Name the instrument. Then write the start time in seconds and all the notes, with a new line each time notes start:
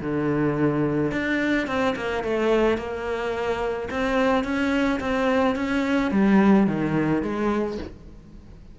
cello
0.00 D3
1.11 D4
1.67 C4
1.96 A#3
2.23 A3
2.77 A#3
3.90 C4
4.44 C#4
5.00 C4
5.55 C#4
6.11 G3
6.67 D#3
7.22 G#3